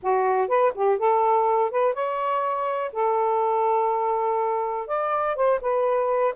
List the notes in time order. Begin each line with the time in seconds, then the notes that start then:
0.02 F#4
0.48 B4
0.74 G4
0.98 A4
1.70 B4
1.94 C#5
2.92 A4
4.87 D5
5.35 C5
5.61 B4